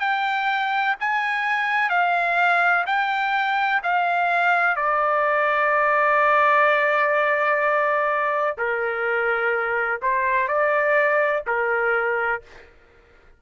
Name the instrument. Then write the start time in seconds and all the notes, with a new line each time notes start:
trumpet
0.00 G5
1.00 G#5
1.90 F5
2.87 G5
3.84 F5
4.76 D5
8.58 A#4
10.02 C5
10.48 D5
11.47 A#4